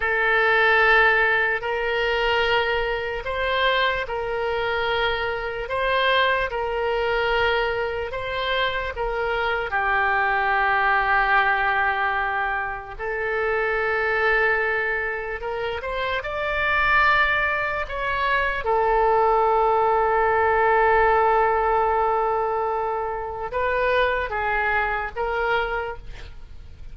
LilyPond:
\new Staff \with { instrumentName = "oboe" } { \time 4/4 \tempo 4 = 74 a'2 ais'2 | c''4 ais'2 c''4 | ais'2 c''4 ais'4 | g'1 |
a'2. ais'8 c''8 | d''2 cis''4 a'4~ | a'1~ | a'4 b'4 gis'4 ais'4 | }